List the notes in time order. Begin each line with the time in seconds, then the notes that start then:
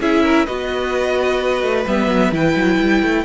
0.00 C#4 E4 G#4 E5
0.23 A#4
0.46 B3 F#4 B4 D#5
1.62 A3
1.87 G3 B3 E5
2.07 F#3
2.31 E3 E4 G5
2.56 F#3
2.79 G3
3.03 A3